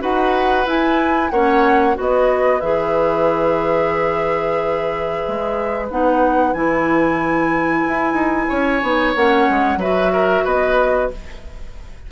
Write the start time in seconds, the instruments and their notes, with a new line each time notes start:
0.00 bassoon D#4, clarinet F#4, oboe B4, flute F#5
0.66 bassoon E4, clarinet E4, flute G#5
1.30 bassoon A#3, clarinet C#4, oboe C#5, flute F#5
1.95 bassoon B3, clarinet F#4, oboe B4
2.01 flute D#5
2.61 bassoon E3, clarinet G#4, flute E5
5.28 bassoon G#3
5.91 bassoon B3, clarinet D#4, flute F#5
6.54 bassoon E3, clarinet E4, flute G#5
7.88 bassoon E4
8.13 bassoon D#4
8.49 bassoon C#4, oboe C#5
8.83 bassoon B3, clarinet D#4
9.15 bassoon A#3, clarinet C#4, flute F#5
9.50 bassoon G#3
9.76 bassoon F#3, clarinet F#4, oboe B4, flute E5
10.13 oboe A#4
10.44 bassoon B3, oboe B4, flute D#5